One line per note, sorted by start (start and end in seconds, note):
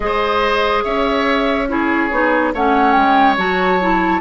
0.00 0.83 G#3
0.00 1.67 G#4
0.00 0.83 C5
0.00 0.83 D#5
0.83 2.11 C#4
0.83 1.68 C#5
0.83 1.68 E5
1.68 2.10 E4
1.68 2.54 G#4
1.68 2.53 C#5
2.11 2.53 B3
2.11 2.53 D#4
2.54 2.95 A3
2.54 3.37 C#4
2.54 4.20 C#5
2.54 2.92 F#5
2.92 3.37 G#3
2.92 3.34 G5
3.37 4.20 F#3
3.37 3.79 F#4
3.37 4.20 A5
3.80 4.20 E4